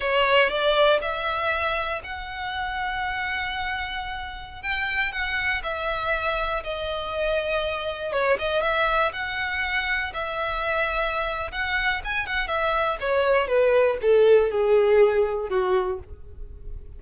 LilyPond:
\new Staff \with { instrumentName = "violin" } { \time 4/4 \tempo 4 = 120 cis''4 d''4 e''2 | fis''1~ | fis''4~ fis''16 g''4 fis''4 e''8.~ | e''4~ e''16 dis''2~ dis''8.~ |
dis''16 cis''8 dis''8 e''4 fis''4.~ fis''16~ | fis''16 e''2~ e''8. fis''4 | gis''8 fis''8 e''4 cis''4 b'4 | a'4 gis'2 fis'4 | }